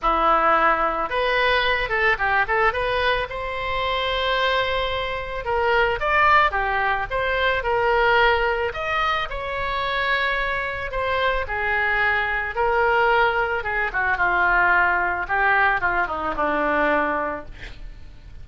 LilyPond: \new Staff \with { instrumentName = "oboe" } { \time 4/4 \tempo 4 = 110 e'2 b'4. a'8 | g'8 a'8 b'4 c''2~ | c''2 ais'4 d''4 | g'4 c''4 ais'2 |
dis''4 cis''2. | c''4 gis'2 ais'4~ | ais'4 gis'8 fis'8 f'2 | g'4 f'8 dis'8 d'2 | }